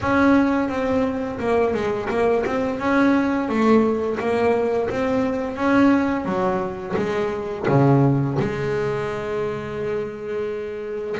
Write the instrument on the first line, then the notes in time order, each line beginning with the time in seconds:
double bass
0.00 C#4
0.68 C4
1.39 A#3
1.74 G#3
2.09 A#3
2.45 C4
2.79 C#4
3.48 A3
4.19 A#3
4.90 C4
5.56 C#4
6.25 F#3
6.96 G#3
7.68 C#3
8.39 G#3